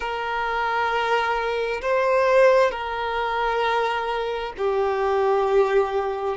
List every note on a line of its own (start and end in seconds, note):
0.00 1.81 A#4
1.81 2.71 C5
2.71 4.52 A#4
4.57 6.37 G4